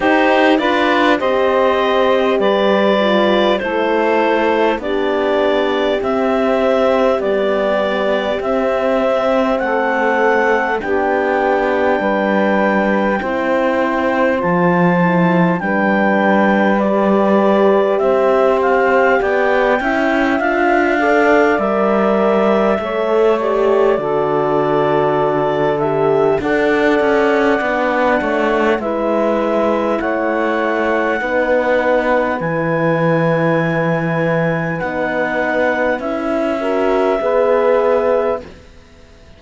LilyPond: <<
  \new Staff \with { instrumentName = "clarinet" } { \time 4/4 \tempo 4 = 50 c''8 d''8 dis''4 d''4 c''4 | d''4 e''4 d''4 e''4 | fis''4 g''2. | a''4 g''4 d''4 e''8 f''8 |
g''4 f''4 e''4. d''8~ | d''4. e''8 fis''2 | e''4 fis''2 gis''4~ | gis''4 fis''4 e''2 | }
  \new Staff \with { instrumentName = "saxophone" } { \time 4/4 g'8 b'8 c''4 b'4 a'4 | g'1 | a'4 g'4 b'4 c''4~ | c''4 b'2 c''4 |
d''8 e''4 d''4. cis''4 | a'2 d''4. cis''8 | b'4 cis''4 b'2~ | b'2~ b'8 ais'8 b'4 | }
  \new Staff \with { instrumentName = "horn" } { \time 4/4 dis'8 f'8 g'4. f'8 e'4 | d'4 c'4 g4 c'4~ | c'4 d'2 e'4 | f'8 e'8 d'4 g'2~ |
g'8 e'8 f'8 a'8 ais'4 a'8 g'8 | fis'4. g'8 a'4 d'4 | e'2 dis'4 e'4~ | e'4 dis'4 e'8 fis'8 gis'4 | }
  \new Staff \with { instrumentName = "cello" } { \time 4/4 dis'8 d'8 c'4 g4 a4 | b4 c'4 b4 c'4 | a4 b4 g4 c'4 | f4 g2 c'4 |
b8 cis'8 d'4 g4 a4 | d2 d'8 cis'8 b8 a8 | gis4 a4 b4 e4~ | e4 b4 cis'4 b4 | }
>>